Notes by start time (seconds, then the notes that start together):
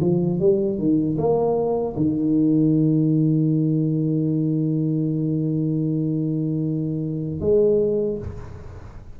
0.00 F3
0.39 G3
0.78 D#3
1.17 A#3
1.96 D#3
7.40 G#3